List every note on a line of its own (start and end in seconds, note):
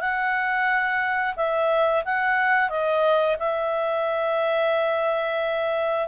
0.00 1.35 F#5
1.36 2.03 E5
2.04 2.69 F#5
2.69 3.36 D#5
3.39 6.08 E5